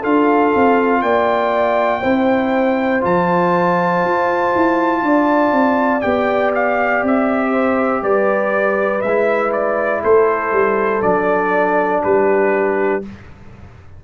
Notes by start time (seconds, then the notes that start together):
0.00 D4 F4 A4 F5
0.55 C4
1.02 A#3 D5 G5
2.01 C4 E4 C5
3.01 F3 F4 A5
4.04 F4
4.55 E4
5.03 D4 D5
5.52 C4
6.01 B3 G4 G5
6.55 F5
7.04 C4 E5
7.52 C5
8.03 G3 B4 D5
9.02 G#3 E4 E5
9.53 D5
10.03 A3 A4 C5
10.52 G3
11.03 F#3 D4 D5
12.03 G3 G4 B4